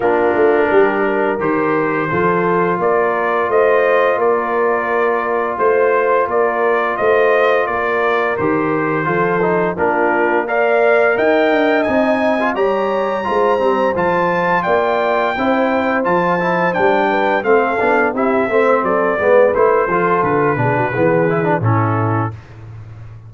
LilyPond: <<
  \new Staff \with { instrumentName = "trumpet" } { \time 4/4 \tempo 4 = 86 ais'2 c''2 | d''4 dis''4 d''2 | c''4 d''4 dis''4 d''4 | c''2 ais'4 f''4 |
g''4 gis''4 ais''2 | a''4 g''2 a''4 | g''4 f''4 e''4 d''4 | c''4 b'2 a'4 | }
  \new Staff \with { instrumentName = "horn" } { \time 4/4 f'4 g'8 ais'4. a'4 | ais'4 c''4 ais'2 | c''4 ais'4 c''4 ais'4~ | ais'4 a'4 f'4 d''4 |
dis''2 cis''4 c''4~ | c''4 d''4 c''2~ | c''8 b'8 a'4 g'8 c''8 a'8 b'8~ | b'8 a'4 gis'16 fis'16 gis'4 e'4 | }
  \new Staff \with { instrumentName = "trombone" } { \time 4/4 d'2 g'4 f'4~ | f'1~ | f'1 | g'4 f'8 dis'8 d'4 ais'4~ |
ais'4 dis'8. f'16 g'4 f'8 c'8 | f'2 e'4 f'8 e'8 | d'4 c'8 d'8 e'8 c'4 b8 | e'8 f'4 d'8 b8 e'16 d'16 cis'4 | }
  \new Staff \with { instrumentName = "tuba" } { \time 4/4 ais8 a8 g4 dis4 f4 | ais4 a4 ais2 | a4 ais4 a4 ais4 | dis4 f4 ais2 |
dis'8 d'8 c'4 g4 gis8 g8 | f4 ais4 c'4 f4 | g4 a8 b8 c'8 a8 fis8 gis8 | a8 f8 d8 b,8 e4 a,4 | }
>>